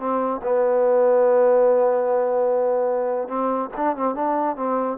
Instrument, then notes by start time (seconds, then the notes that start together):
trombone
0.00 C4
0.43 B3
3.29 C4
3.77 D4
3.97 C4
4.15 D4
4.57 C4